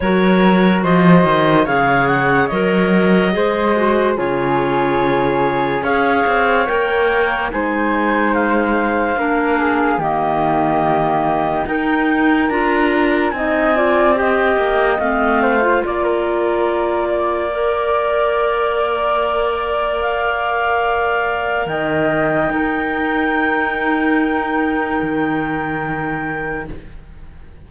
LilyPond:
<<
  \new Staff \with { instrumentName = "clarinet" } { \time 4/4 \tempo 4 = 72 cis''4 dis''4 f''8 fis''8 dis''4~ | dis''4 cis''2 f''4 | g''4 gis''4 f''2 | dis''2 g''4 ais''4 |
gis''4 g''4 f''4 d''4~ | d''1 | f''2 g''2~ | g''1 | }
  \new Staff \with { instrumentName = "flute" } { \time 4/4 ais'4 c''4 cis''2 | c''4 gis'2 cis''4~ | cis''4 c''2 ais'8 gis'8 | g'2 ais'2 |
dis''8 d''8 dis''4. c''8 d''16 ais'8.~ | ais'8 d''2.~ d''8~ | d''2 dis''4 ais'4~ | ais'1 | }
  \new Staff \with { instrumentName = "clarinet" } { \time 4/4 fis'2 gis'4 ais'4 | gis'8 fis'8 f'2 gis'4 | ais'4 dis'2 d'4 | ais2 dis'4 f'4 |
dis'8 f'8 g'4 c'8. f'4~ f'16~ | f'4 ais'2.~ | ais'2. dis'4~ | dis'1 | }
  \new Staff \with { instrumentName = "cello" } { \time 4/4 fis4 f8 dis8 cis4 fis4 | gis4 cis2 cis'8 c'8 | ais4 gis2 ais4 | dis2 dis'4 d'4 |
c'4. ais8 a4 ais4~ | ais1~ | ais2 dis4 dis'4~ | dis'2 dis2 | }
>>